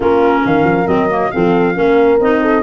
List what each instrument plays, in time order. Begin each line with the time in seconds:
0.00 tuba A#3, clarinet C#4, horn F4, flute A#4
0.44 tuba D#3, horn A#4, flute F5
0.64 tuba F3
0.87 tuba F#3, clarinet C4, flute D#5
1.09 clarinet A#3
1.31 tuba F3, clarinet C4, horn A4, flute F5
1.74 tuba A#3, clarinet C#4, horn A#4
2.19 tuba C4, clarinet D#4, flute D#5
2.41 horn A4